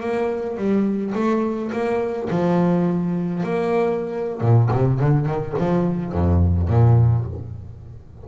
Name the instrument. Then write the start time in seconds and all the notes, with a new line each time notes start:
double bass
0.00 A#3
0.57 G3
1.14 A3
1.72 A#3
2.30 F3
3.43 A#3
4.41 A#2
4.71 C3
4.99 D3
5.25 D#3
5.58 F3
6.12 F2
6.68 A#2